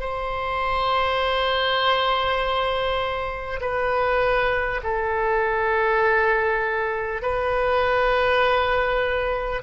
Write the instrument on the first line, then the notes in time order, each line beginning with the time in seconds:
oboe
0.00 C5
3.61 B4
4.84 A4
7.22 B4